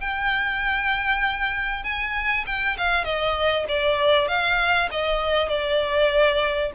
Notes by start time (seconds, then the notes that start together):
0.00 G5
1.83 G#5
2.46 G5
2.77 F5
3.04 D#5
3.68 D5
4.28 F5
4.91 D#5
5.48 D5